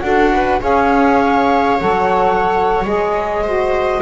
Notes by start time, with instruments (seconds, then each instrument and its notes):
0.00 double bass D4, saxophone F#4, viola A4, flute F#5
0.32 viola B4
0.61 double bass C#4, saxophone G#4, viola C#5, flute F5
1.80 double bass F#3, saxophone A4, flute F#5
2.85 double bass G#3, saxophone G#4, flute D#5
3.43 saxophone F#4, viola C5